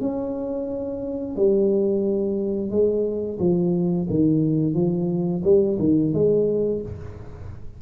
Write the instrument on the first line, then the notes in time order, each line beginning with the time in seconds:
tuba
0.00 C#4
1.36 G3
2.70 G#3
3.39 F3
4.09 D#3
4.74 F3
5.44 G3
5.79 D#3
6.13 G#3